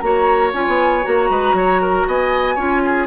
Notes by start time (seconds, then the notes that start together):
0.00 A#3 F#4 C#5 A#5
0.54 C#4 F4 G#5
0.67 B3
1.03 A#3 F#4 A#5
1.30 G#3 B4
1.53 F#3 C#5
1.82 A#4
2.07 B3 D#5 G#5
2.55 C#4 F4 C#5
2.85 G#4